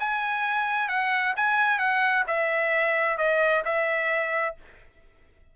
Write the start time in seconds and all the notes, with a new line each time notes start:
0.00 G#5
0.89 F#5
1.37 G#5
1.79 F#5
2.28 E5
3.18 D#5
3.65 E5